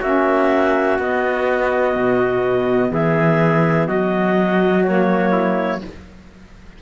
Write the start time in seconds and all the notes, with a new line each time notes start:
0.00 A#3 C#4 F#4 E5
0.99 B3 D#5
1.96 B2
2.91 E3 G#4 E5
3.87 F#3 F#4 D#5
4.84 A#3 C#5
5.32 E4